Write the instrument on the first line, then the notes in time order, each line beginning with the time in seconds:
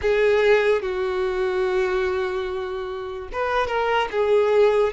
violin
0.01 G#4
0.82 F#4
3.32 B4
3.67 A#4
4.11 G#4